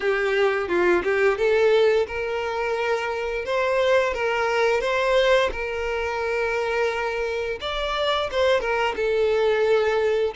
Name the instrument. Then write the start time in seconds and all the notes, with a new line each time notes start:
violin
0.00 G4
0.68 F4
1.03 G4
1.37 A4
2.07 A#4
3.45 C5
4.13 A#4
4.81 C5
5.52 A#4
7.61 D5
8.31 C5
8.60 A#4
8.96 A4